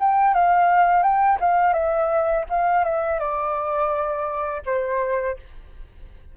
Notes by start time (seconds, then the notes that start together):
0.00 G5
0.34 F5
1.03 G5
1.40 F5
1.74 E5
2.50 F5
2.84 E5
3.19 D5
4.66 C5